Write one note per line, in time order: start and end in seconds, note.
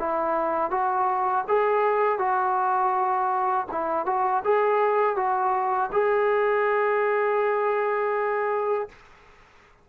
0.00 0.71 E4
0.71 1.45 F#4
1.48 2.19 G#4
2.19 3.67 F#4
3.72 4.06 E4
4.06 4.43 F#4
4.45 5.17 G#4
5.17 5.91 F#4
5.93 8.89 G#4